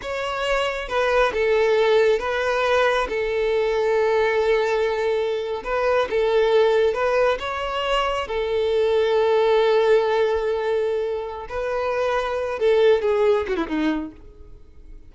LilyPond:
\new Staff \with { instrumentName = "violin" } { \time 4/4 \tempo 4 = 136 cis''2 b'4 a'4~ | a'4 b'2 a'4~ | a'1~ | a'8. b'4 a'2 b'16~ |
b'8. cis''2 a'4~ a'16~ | a'1~ | a'2 b'2~ | b'8 a'4 gis'4 fis'16 e'16 dis'4 | }